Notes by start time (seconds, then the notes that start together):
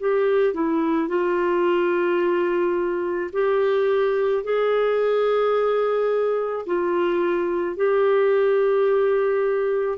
0.00 G4
0.54 E4
1.09 F4
3.33 G4
4.44 G#4
6.66 F4
7.77 G4